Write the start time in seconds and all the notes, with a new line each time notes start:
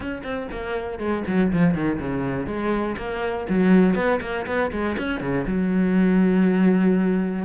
0.00 C#4
0.23 C4
0.51 A#3
0.98 G#3
1.27 F#3
1.52 F3
1.74 D#3
2.00 C#3
2.46 G#3
2.97 A#3
3.49 F#3
3.95 B3
4.21 A#3
4.46 B3
4.71 G#3
4.98 C#4
5.20 C#3
5.47 F#3